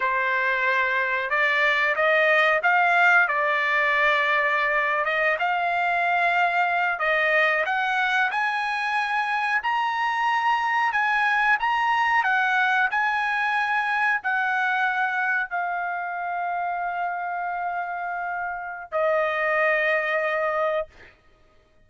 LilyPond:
\new Staff \with { instrumentName = "trumpet" } { \time 4/4 \tempo 4 = 92 c''2 d''4 dis''4 | f''4 d''2~ d''8. dis''16~ | dis''16 f''2~ f''8 dis''4 fis''16~ | fis''8. gis''2 ais''4~ ais''16~ |
ais''8. gis''4 ais''4 fis''4 gis''16~ | gis''4.~ gis''16 fis''2 f''16~ | f''1~ | f''4 dis''2. | }